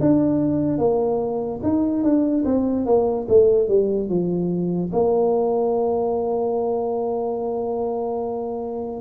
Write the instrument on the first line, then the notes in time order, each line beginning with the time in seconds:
tuba
0.00 D4
0.78 A#3
1.63 D#4
2.03 D4
2.45 C4
2.85 A#3
3.28 A3
3.68 G3
4.09 F3
4.93 A#3